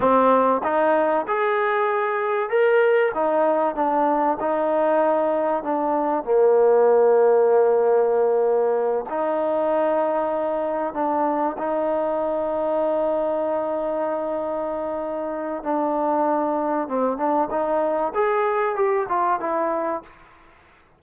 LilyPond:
\new Staff \with { instrumentName = "trombone" } { \time 4/4 \tempo 4 = 96 c'4 dis'4 gis'2 | ais'4 dis'4 d'4 dis'4~ | dis'4 d'4 ais2~ | ais2~ ais8 dis'4.~ |
dis'4. d'4 dis'4.~ | dis'1~ | dis'4 d'2 c'8 d'8 | dis'4 gis'4 g'8 f'8 e'4 | }